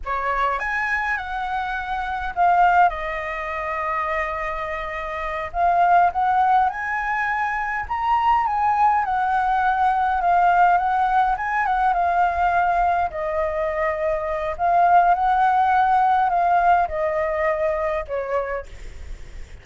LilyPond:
\new Staff \with { instrumentName = "flute" } { \time 4/4 \tempo 4 = 103 cis''4 gis''4 fis''2 | f''4 dis''2.~ | dis''4. f''4 fis''4 gis''8~ | gis''4. ais''4 gis''4 fis''8~ |
fis''4. f''4 fis''4 gis''8 | fis''8 f''2 dis''4.~ | dis''4 f''4 fis''2 | f''4 dis''2 cis''4 | }